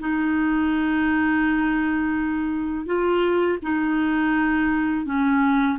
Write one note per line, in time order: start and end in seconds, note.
0.00 2.87 D#4
2.87 3.59 F4
3.63 5.06 D#4
5.06 5.78 C#4